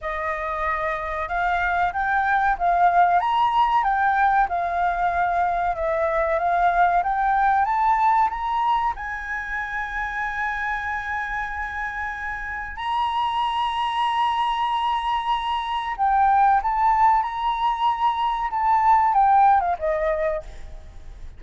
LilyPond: \new Staff \with { instrumentName = "flute" } { \time 4/4 \tempo 4 = 94 dis''2 f''4 g''4 | f''4 ais''4 g''4 f''4~ | f''4 e''4 f''4 g''4 | a''4 ais''4 gis''2~ |
gis''1 | ais''1~ | ais''4 g''4 a''4 ais''4~ | ais''4 a''4 g''8. f''16 dis''4 | }